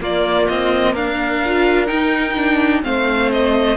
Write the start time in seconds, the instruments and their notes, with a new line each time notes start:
0.00 cello A#3, viola A#3, violin F4 D5
0.47 cello C4, violin D#5
0.92 cello D4, violin A#4 F5
1.45 viola F4
1.86 viola D#4, cello D#4, violin G5
2.36 viola D4
2.82 cello A3, viola C4, violin C5 F5
3.32 violin D#5